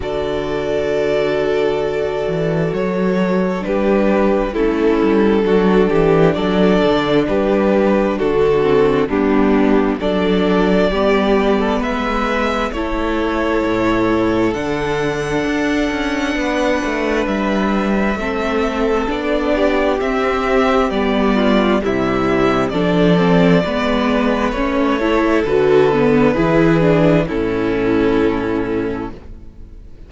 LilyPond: <<
  \new Staff \with { instrumentName = "violin" } { \time 4/4 \tempo 4 = 66 d''2. cis''4 | b'4 a'2 d''4 | b'4 a'4 g'4 d''4~ | d''4 e''4 cis''2 |
fis''2. e''4~ | e''4 d''4 e''4 d''4 | e''4 d''2 cis''4 | b'2 a'2 | }
  \new Staff \with { instrumentName = "violin" } { \time 4/4 a'1 | g'4 e'4 fis'8 g'8 a'4 | g'4 fis'4 d'4 a'4 | g'8. a'16 b'4 a'2~ |
a'2 b'2 | a'4. g'2 f'8 | e'4 a'4 b'4. a'8~ | a'4 gis'4 e'2 | }
  \new Staff \with { instrumentName = "viola" } { \time 4/4 fis'1 | d'4 cis'4 d'2~ | d'4. c'8 b4 d'4 | b2 e'2 |
d'1 | c'4 d'4 c'4 b4 | g4 d'8 c'8 b4 cis'8 e'8 | fis'8 b8 e'8 d'8 cis'2 | }
  \new Staff \with { instrumentName = "cello" } { \time 4/4 d2~ d8 e8 fis4 | g4 a8 g8 fis8 e8 fis8 d8 | g4 d4 g4 fis4 | g4 gis4 a4 a,4 |
d4 d'8 cis'8 b8 a8 g4 | a4 b4 c'4 g4 | c4 f4 gis4 a4 | d4 e4 a,2 | }
>>